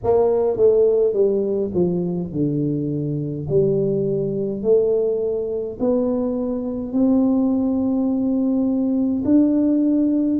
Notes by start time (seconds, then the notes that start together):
0.03 A#3
0.57 A3
1.13 G3
1.74 F3
2.31 D3
3.49 G3
4.62 A3
5.80 B3
6.92 C4
9.24 D4